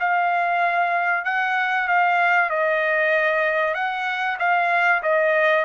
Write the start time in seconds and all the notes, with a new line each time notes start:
0.00 F5
1.25 F#5
1.88 F5
2.50 D#5
3.74 F#5
4.39 F5
5.03 D#5